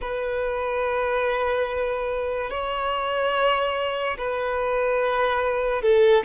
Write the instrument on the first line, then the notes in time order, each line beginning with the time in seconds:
violin
0.01 B4
2.50 C#5
4.17 B4
5.81 A4